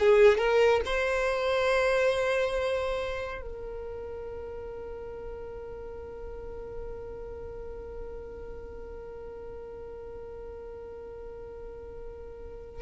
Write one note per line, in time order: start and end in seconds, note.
0.00 0.39 G#4
0.39 0.81 A#4
0.86 3.42 C5
3.42 12.82 A#4